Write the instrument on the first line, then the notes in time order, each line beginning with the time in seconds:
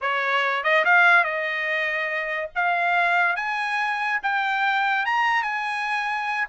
trumpet
0.01 C#5
0.63 D#5
0.84 F5
1.24 D#5
2.55 F5
3.36 G#5
4.22 G5
5.05 A#5
5.42 G#5